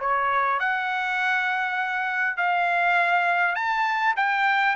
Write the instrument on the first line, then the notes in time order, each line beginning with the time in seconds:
trumpet
0.00 C#5
0.59 F#5
2.37 F5
3.55 A5
4.16 G5